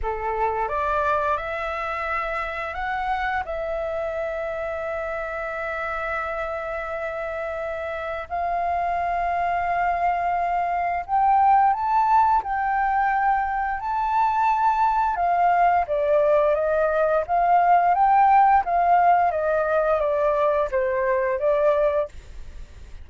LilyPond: \new Staff \with { instrumentName = "flute" } { \time 4/4 \tempo 4 = 87 a'4 d''4 e''2 | fis''4 e''2.~ | e''1 | f''1 |
g''4 a''4 g''2 | a''2 f''4 d''4 | dis''4 f''4 g''4 f''4 | dis''4 d''4 c''4 d''4 | }